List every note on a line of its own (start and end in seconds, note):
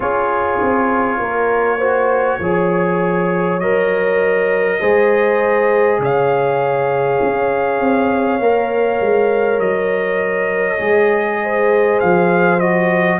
0.00 0.60 C#4
0.00 1.79 F4
0.00 1.20 G#4
0.00 3.59 C#5
0.61 1.19 C4
1.19 2.39 A#3
1.19 1.78 A#4
1.78 2.40 F#4
1.78 2.38 C5
2.39 3.59 F3
2.39 3.61 G#4
2.39 4.80 C#5
3.59 4.79 F#3
3.59 4.80 A#4
3.59 5.99 D#5
4.80 5.99 G#3
4.80 8.40 G#4
4.80 6.00 C5
5.99 7.19 C#3
5.99 11.42 C#5
5.99 9.59 F5
7.21 7.80 C#4
7.80 8.39 C4
8.39 8.99 A#3
8.39 10.78 A#4
9.00 9.58 G#3
9.58 10.78 F#3
9.58 11.99 D#5
10.78 11.99 G#3
10.78 12.58 G#4
11.43 13.20 C5
12.00 13.20 F3
12.00 12.59 F5
12.59 13.20 F#4
12.59 13.19 D#5